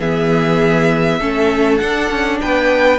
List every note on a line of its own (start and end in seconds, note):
0.00 1.20 E3
0.00 1.21 B3
0.00 1.19 G#4
0.00 1.78 E5
1.19 1.80 A3
1.19 1.80 C#4
1.19 2.39 A4
1.78 2.99 D4
1.78 2.10 D4
1.78 2.38 F#5
2.10 2.40 C#4
2.41 2.99 B3
2.41 2.99 B4
2.41 2.99 G5